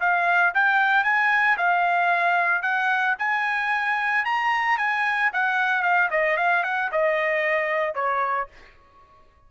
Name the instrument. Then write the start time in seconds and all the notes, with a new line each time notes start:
trumpet
0.00 F5
0.54 G5
1.04 G#5
1.57 F5
2.62 F#5
3.19 G#5
4.25 A#5
4.77 G#5
5.33 F#5
5.82 F5
6.10 D#5
6.37 F5
6.63 F#5
6.91 D#5
7.94 C#5